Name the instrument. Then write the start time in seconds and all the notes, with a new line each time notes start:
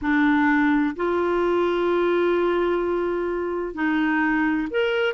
clarinet
0.01 D4
0.95 F4
3.74 D#4
4.70 A#4